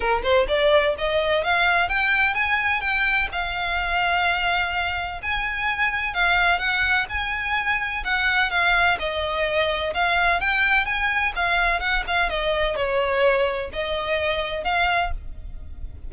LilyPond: \new Staff \with { instrumentName = "violin" } { \time 4/4 \tempo 4 = 127 ais'8 c''8 d''4 dis''4 f''4 | g''4 gis''4 g''4 f''4~ | f''2. gis''4~ | gis''4 f''4 fis''4 gis''4~ |
gis''4 fis''4 f''4 dis''4~ | dis''4 f''4 g''4 gis''4 | f''4 fis''8 f''8 dis''4 cis''4~ | cis''4 dis''2 f''4 | }